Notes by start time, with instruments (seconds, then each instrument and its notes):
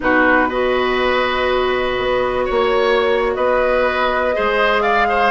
0.00 bassoon B2, clarinet D#4, oboe F#4, flute B4
0.49 clarinet F#4, oboe B4, flute D#5
1.98 bassoon B3
2.45 bassoon A#3, oboe C#5, flute C#5
3.35 bassoon B3, oboe B4, flute D#5
4.33 bassoon G#3, clarinet G#4, oboe C5
4.81 oboe D5, flute F5
5.08 oboe C5